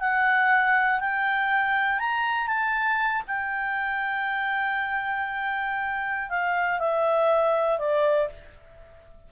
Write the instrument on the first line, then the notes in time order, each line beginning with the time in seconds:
clarinet
0.00 F#5
1.00 G5
1.99 A#5
2.47 A5
3.27 G5
6.30 F5
6.79 E5
7.79 D5